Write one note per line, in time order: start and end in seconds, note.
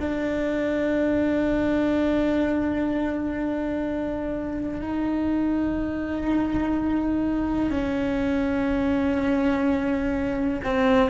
0.00 4.81 D4
4.81 7.70 D#4
7.70 10.61 C#4
10.64 11.10 C4